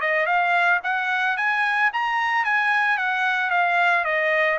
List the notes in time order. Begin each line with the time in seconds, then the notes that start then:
0.00 D#5
0.26 F5
0.83 F#5
1.36 G#5
1.93 A#5
2.44 G#5
2.98 F#5
3.50 F5
4.04 D#5